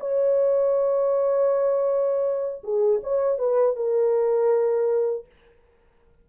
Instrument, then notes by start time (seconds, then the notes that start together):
horn
0.00 C#5
2.64 G#4
3.03 C#5
3.39 B4
3.76 A#4